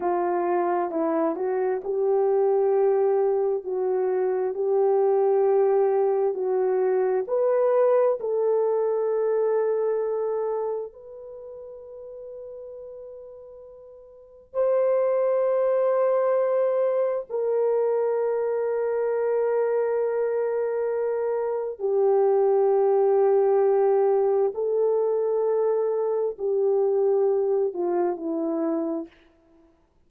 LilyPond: \new Staff \with { instrumentName = "horn" } { \time 4/4 \tempo 4 = 66 f'4 e'8 fis'8 g'2 | fis'4 g'2 fis'4 | b'4 a'2. | b'1 |
c''2. ais'4~ | ais'1 | g'2. a'4~ | a'4 g'4. f'8 e'4 | }